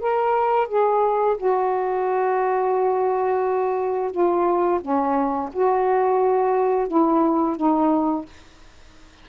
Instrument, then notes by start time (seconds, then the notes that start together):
saxophone
0.00 A#4
0.68 G#4
1.37 F#4
4.11 F4
4.81 C#4
5.52 F#4
6.87 E4
7.56 D#4